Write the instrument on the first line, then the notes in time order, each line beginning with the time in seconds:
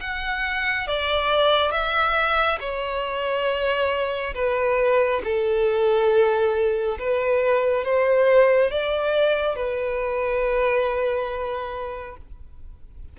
violin
0.00 F#5
0.87 D5
1.71 E5
2.60 C#5
4.34 B4
5.24 A4
6.98 B4
7.84 C5
8.70 D5
9.55 B4